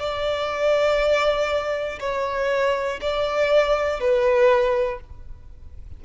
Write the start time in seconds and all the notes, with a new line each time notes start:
0.00 D5
2.00 C#5
3.02 D5
4.01 B4